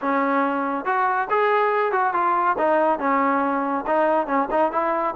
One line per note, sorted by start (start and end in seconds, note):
0.01 0.85 C#4
0.85 1.28 F#4
1.30 1.92 G#4
1.92 2.13 F#4
2.13 2.56 F4
2.57 2.99 D#4
2.99 3.85 C#4
3.86 4.26 D#4
4.26 4.48 C#4
4.50 4.71 D#4
4.71 5.14 E4